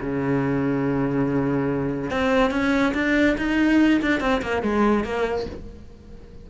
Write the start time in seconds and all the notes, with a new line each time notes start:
0.00 C#3
2.10 C4
2.51 C#4
2.94 D4
3.37 D#4
4.01 D4
4.20 C4
4.41 A#3
4.62 G#3
5.04 A#3